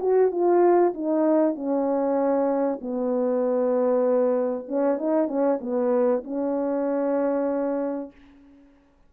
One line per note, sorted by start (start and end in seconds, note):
0.00 0.31 F#4
0.31 0.94 F4
0.94 1.55 D#4
1.55 2.80 C#4
2.81 4.68 B3
4.68 4.98 C#4
4.98 5.28 D#4
5.28 5.59 C#4
5.61 6.23 B3
6.24 8.12 C#4